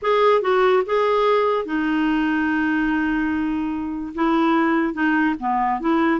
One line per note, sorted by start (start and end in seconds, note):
0.02 0.41 G#4
0.41 0.83 F#4
0.86 1.65 G#4
1.65 4.13 D#4
4.14 4.93 E4
4.93 5.35 D#4
5.39 5.80 B3
5.80 6.20 E4